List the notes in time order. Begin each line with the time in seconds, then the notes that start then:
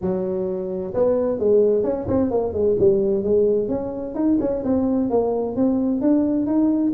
0.01 F#3
0.94 B3
1.39 G#3
1.83 C#4
2.08 C4
2.30 A#3
2.53 G#3
2.79 G3
3.23 G#3
3.68 C#4
4.14 D#4
4.40 C#4
4.63 C4
5.10 A#3
5.56 C4
6.01 D4
6.46 D#4